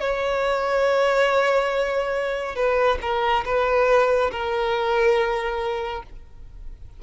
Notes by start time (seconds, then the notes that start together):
0.00 C#5
2.56 B4
3.02 A#4
3.45 B4
4.31 A#4